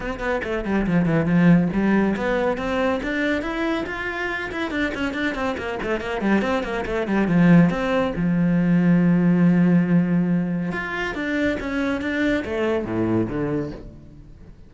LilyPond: \new Staff \with { instrumentName = "cello" } { \time 4/4 \tempo 4 = 140 c'8 b8 a8 g8 f8 e8 f4 | g4 b4 c'4 d'4 | e'4 f'4. e'8 d'8 cis'8 | d'8 c'8 ais8 a8 ais8 g8 c'8 ais8 |
a8 g8 f4 c'4 f4~ | f1~ | f4 f'4 d'4 cis'4 | d'4 a4 a,4 d4 | }